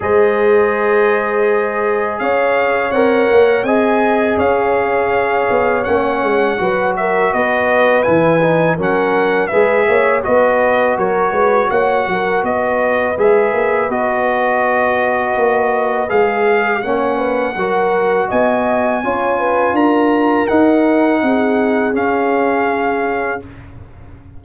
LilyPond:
<<
  \new Staff \with { instrumentName = "trumpet" } { \time 4/4 \tempo 4 = 82 dis''2. f''4 | fis''4 gis''4 f''2 | fis''4. e''8 dis''4 gis''4 | fis''4 e''4 dis''4 cis''4 |
fis''4 dis''4 e''4 dis''4~ | dis''2 f''4 fis''4~ | fis''4 gis''2 ais''4 | fis''2 f''2 | }
  \new Staff \with { instrumentName = "horn" } { \time 4/4 c''2. cis''4~ | cis''4 dis''4 cis''2~ | cis''4 b'8 ais'8 b'2 | ais'4 b'8 cis''8 b'4 ais'8 b'8 |
cis''8 ais'8 b'2.~ | b'2. cis''8 b'8 | ais'4 dis''4 cis''8 b'8 ais'4~ | ais'4 gis'2. | }
  \new Staff \with { instrumentName = "trombone" } { \time 4/4 gis'1 | ais'4 gis'2. | cis'4 fis'2 e'8 dis'8 | cis'4 gis'4 fis'2~ |
fis'2 gis'4 fis'4~ | fis'2 gis'4 cis'4 | fis'2 f'2 | dis'2 cis'2 | }
  \new Staff \with { instrumentName = "tuba" } { \time 4/4 gis2. cis'4 | c'8 ais8 c'4 cis'4. b8 | ais8 gis8 fis4 b4 e4 | fis4 gis8 ais8 b4 fis8 gis8 |
ais8 fis8 b4 gis8 ais8 b4~ | b4 ais4 gis4 ais4 | fis4 b4 cis'4 d'4 | dis'4 c'4 cis'2 | }
>>